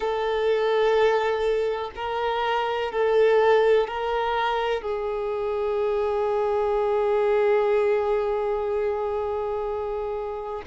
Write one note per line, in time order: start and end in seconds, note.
0.00 1.90 A4
1.95 2.92 A#4
2.92 3.87 A4
3.87 4.81 A#4
4.81 10.62 G#4